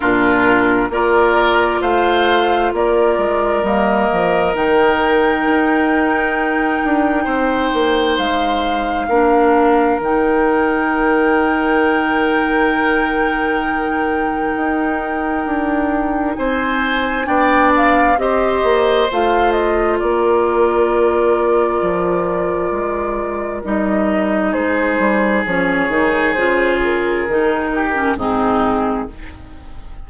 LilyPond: <<
  \new Staff \with { instrumentName = "flute" } { \time 4/4 \tempo 4 = 66 ais'4 d''4 f''4 d''4 | dis''4 g''2.~ | g''4 f''2 g''4~ | g''1~ |
g''2 gis''4 g''8 f''8 | dis''4 f''8 dis''8 d''2~ | d''2 dis''4 c''4 | cis''4 c''8 ais'4. gis'4 | }
  \new Staff \with { instrumentName = "oboe" } { \time 4/4 f'4 ais'4 c''4 ais'4~ | ais'1 | c''2 ais'2~ | ais'1~ |
ais'2 c''4 d''4 | c''2 ais'2~ | ais'2. gis'4~ | gis'2~ gis'8 g'8 dis'4 | }
  \new Staff \with { instrumentName = "clarinet" } { \time 4/4 d'4 f'2. | ais4 dis'2.~ | dis'2 d'4 dis'4~ | dis'1~ |
dis'2. d'4 | g'4 f'2.~ | f'2 dis'2 | cis'8 dis'8 f'4 dis'8. cis'16 c'4 | }
  \new Staff \with { instrumentName = "bassoon" } { \time 4/4 ais,4 ais4 a4 ais8 gis8 | g8 f8 dis4 dis'4. d'8 | c'8 ais8 gis4 ais4 dis4~ | dis1 |
dis'4 d'4 c'4 b4 | c'8 ais8 a4 ais2 | f4 gis4 g4 gis8 g8 | f8 dis8 cis4 dis4 gis,4 | }
>>